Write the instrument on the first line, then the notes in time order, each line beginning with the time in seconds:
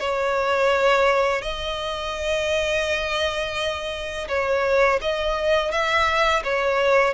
violin
0.00 C#5
1.42 D#5
4.28 C#5
5.02 D#5
5.71 E5
6.44 C#5